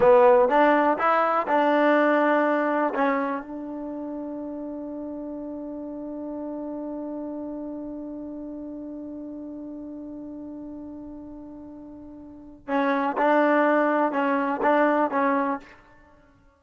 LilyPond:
\new Staff \with { instrumentName = "trombone" } { \time 4/4 \tempo 4 = 123 b4 d'4 e'4 d'4~ | d'2 cis'4 d'4~ | d'1~ | d'1~ |
d'1~ | d'1~ | d'2 cis'4 d'4~ | d'4 cis'4 d'4 cis'4 | }